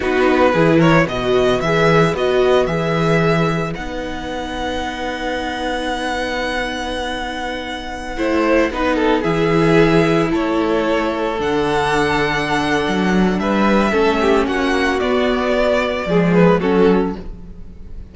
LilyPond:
<<
  \new Staff \with { instrumentName = "violin" } { \time 4/4 \tempo 4 = 112 b'4. cis''8 dis''4 e''4 | dis''4 e''2 fis''4~ | fis''1~ | fis''1~ |
fis''4~ fis''16 e''2 cis''8.~ | cis''4~ cis''16 fis''2~ fis''8.~ | fis''4 e''2 fis''4 | d''2~ d''8 b'8 a'4 | }
  \new Staff \with { instrumentName = "violin" } { \time 4/4 fis'4 gis'8 ais'8 b'2~ | b'1~ | b'1~ | b'2.~ b'16 c''8.~ |
c''16 b'8 a'8 gis'2 a'8.~ | a'1~ | a'4 b'4 a'8 g'8 fis'4~ | fis'2 gis'4 fis'4 | }
  \new Staff \with { instrumentName = "viola" } { \time 4/4 dis'4 e'4 fis'4 gis'4 | fis'4 gis'2 dis'4~ | dis'1~ | dis'2.~ dis'16 e'8.~ |
e'16 dis'4 e'2~ e'8.~ | e'4~ e'16 d'2~ d'8.~ | d'2 cis'2 | b2 gis4 cis'4 | }
  \new Staff \with { instrumentName = "cello" } { \time 4/4 b4 e4 b,4 e4 | b4 e2 b4~ | b1~ | b2.~ b16 a8.~ |
a16 b4 e2 a8.~ | a4~ a16 d2~ d8. | fis4 g4 a4 ais4 | b2 f4 fis4 | }
>>